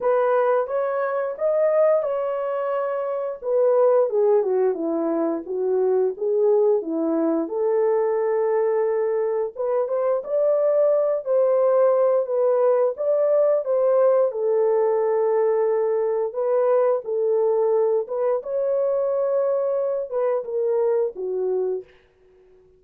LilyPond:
\new Staff \with { instrumentName = "horn" } { \time 4/4 \tempo 4 = 88 b'4 cis''4 dis''4 cis''4~ | cis''4 b'4 gis'8 fis'8 e'4 | fis'4 gis'4 e'4 a'4~ | a'2 b'8 c''8 d''4~ |
d''8 c''4. b'4 d''4 | c''4 a'2. | b'4 a'4. b'8 cis''4~ | cis''4. b'8 ais'4 fis'4 | }